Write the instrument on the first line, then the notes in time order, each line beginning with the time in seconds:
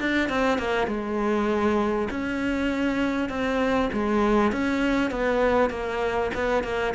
cello
0.00 D4
0.29 C4
0.59 A#3
0.88 G#3
2.11 C#4
3.29 C4
3.93 G#3
4.52 C#4
5.11 B3
5.71 A#3
6.34 B3
6.64 A#3